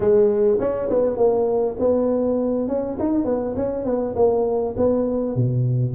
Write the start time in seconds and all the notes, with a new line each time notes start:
0.00 G#3
0.59 C#4
0.89 B3
1.16 A#3
1.79 B3
2.67 C#4
2.99 D#4
3.25 B3
3.56 C#4
3.85 B3
4.15 A#3
4.76 B3
5.35 B2